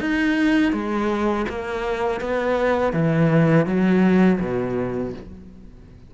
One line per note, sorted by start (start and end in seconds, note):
0.00 0.73 D#4
0.73 1.46 G#3
1.49 2.20 A#3
2.20 2.93 B3
2.93 3.66 E3
3.66 4.39 F#3
4.40 5.13 B2